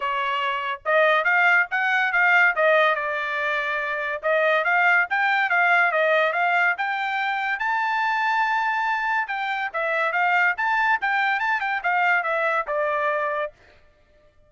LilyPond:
\new Staff \with { instrumentName = "trumpet" } { \time 4/4 \tempo 4 = 142 cis''2 dis''4 f''4 | fis''4 f''4 dis''4 d''4~ | d''2 dis''4 f''4 | g''4 f''4 dis''4 f''4 |
g''2 a''2~ | a''2 g''4 e''4 | f''4 a''4 g''4 a''8 g''8 | f''4 e''4 d''2 | }